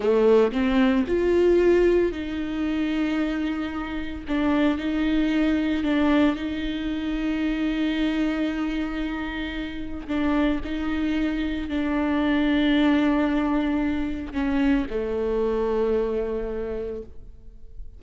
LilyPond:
\new Staff \with { instrumentName = "viola" } { \time 4/4 \tempo 4 = 113 a4 c'4 f'2 | dis'1 | d'4 dis'2 d'4 | dis'1~ |
dis'2. d'4 | dis'2 d'2~ | d'2. cis'4 | a1 | }